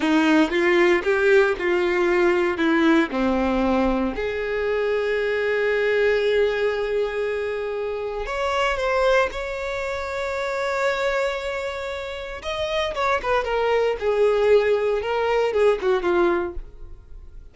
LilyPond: \new Staff \with { instrumentName = "violin" } { \time 4/4 \tempo 4 = 116 dis'4 f'4 g'4 f'4~ | f'4 e'4 c'2 | gis'1~ | gis'1 |
cis''4 c''4 cis''2~ | cis''1 | dis''4 cis''8 b'8 ais'4 gis'4~ | gis'4 ais'4 gis'8 fis'8 f'4 | }